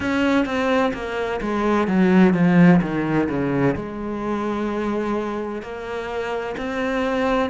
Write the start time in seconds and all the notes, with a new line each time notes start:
0.00 C#4
0.45 C4
0.93 A#3
1.41 G#3
1.87 F#3
2.34 F3
2.81 D#3
3.29 C#3
3.75 G#3
5.62 A#3
6.57 C4